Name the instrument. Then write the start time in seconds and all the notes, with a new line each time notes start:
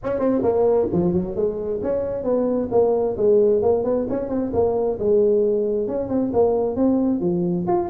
tuba
0.03 C#4
0.19 C4
0.43 A#3
0.92 F3
1.13 F#3
1.35 G#3
1.82 C#4
2.23 B3
2.71 A#3
3.17 G#3
3.62 A#3
3.84 B3
4.09 C#4
4.29 C4
4.53 A#3
4.99 G#3
5.87 C#4
6.09 C4
6.33 A#3
6.76 C4
7.20 F3
7.67 F4